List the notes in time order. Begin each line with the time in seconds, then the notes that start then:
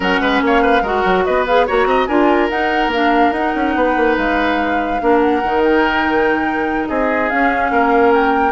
0.00 F#3 C#4 A#4 F#5
0.20 G#3 B4
0.41 A#3 C#5 F5
0.62 B4
0.82 G#3 F#4 A#4 F#5
1.05 F#3
1.25 B3 B4 D#5
1.46 G#4 F5
1.66 A#3 F#4 C#5 A#5
1.85 C4 D#5
2.06 D4 F4 A#4 G#5
2.49 D#4 F#5
2.87 A#3 F5
2.93 D4
3.32 D#4 F#5
3.55 C#4
3.75 B3 B4
3.96 A#3
4.17 G#3 F5
5.00 A#3 D4 A#4
5.19 F#5
5.43 D#3 D#4
5.63 G5
6.87 C4 G#4 D#5
7.29 C#4 F5
7.71 A#3 A#4
8.13 G5